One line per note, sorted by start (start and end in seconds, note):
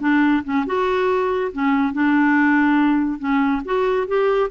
0.00 0.43 D4
0.44 0.65 C#4
0.66 1.52 F#4
1.52 1.93 C#4
1.93 3.19 D4
3.19 3.62 C#4
3.65 4.07 F#4
4.07 4.50 G4